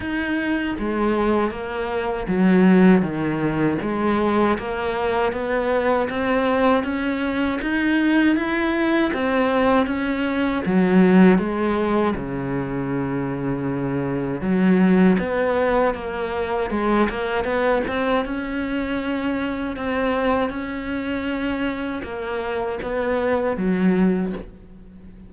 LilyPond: \new Staff \with { instrumentName = "cello" } { \time 4/4 \tempo 4 = 79 dis'4 gis4 ais4 fis4 | dis4 gis4 ais4 b4 | c'4 cis'4 dis'4 e'4 | c'4 cis'4 fis4 gis4 |
cis2. fis4 | b4 ais4 gis8 ais8 b8 c'8 | cis'2 c'4 cis'4~ | cis'4 ais4 b4 fis4 | }